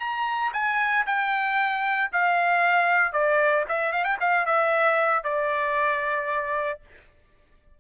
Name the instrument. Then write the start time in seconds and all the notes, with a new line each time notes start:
trumpet
0.00 A#5
0.53 G#5
1.07 G5
2.12 F5
3.13 D5
3.69 E5
3.92 F5
4.05 G5
4.20 F5
4.46 E5
5.24 D5